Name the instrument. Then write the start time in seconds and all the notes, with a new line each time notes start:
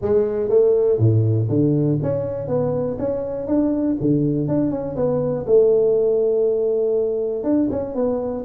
tuba
0.01 G#3
0.49 A3
0.98 A2
1.49 D3
2.02 C#4
2.47 B3
2.98 C#4
3.47 D4
4.00 D3
4.47 D4
4.70 C#4
4.95 B3
5.46 A3
7.43 D4
7.70 C#4
7.95 B3